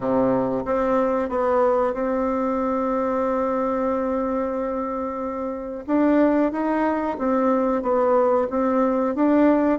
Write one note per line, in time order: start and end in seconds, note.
0.00 0.63 C3
0.65 1.29 C4
1.29 1.93 B3
1.93 5.85 C4
5.87 6.52 D4
6.52 7.17 D#4
7.18 7.82 C4
7.82 8.47 B3
8.50 9.15 C4
9.15 9.79 D4